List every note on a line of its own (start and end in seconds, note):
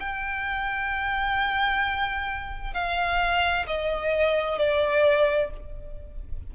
0.00 2.74 G5
2.74 3.66 F5
3.67 4.59 D#5
4.59 5.51 D5